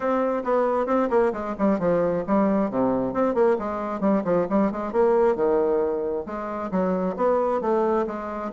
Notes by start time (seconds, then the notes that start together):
0.00 C4
0.44 B3
0.86 C4
1.09 A#3
1.32 G#3
1.58 G3
1.79 F3
2.27 G3
2.70 C3
3.13 C4
3.34 A#3
3.58 G#3
4.00 G3
4.24 F3
4.49 G3
4.71 G#3
4.92 A#3
5.35 D#3
6.26 G#3
6.71 F#3
7.16 B3
7.61 A3
8.07 G#3